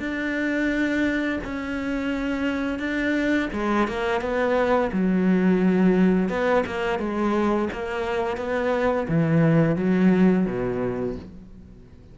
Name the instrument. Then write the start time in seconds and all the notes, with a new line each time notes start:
cello
0.00 D4
1.44 C#4
2.79 D4
3.53 G#3
3.88 A#3
4.21 B3
4.92 F#3
6.29 B3
6.67 A#3
6.99 G#3
7.73 A#3
8.37 B3
9.09 E3
9.77 F#3
10.47 B2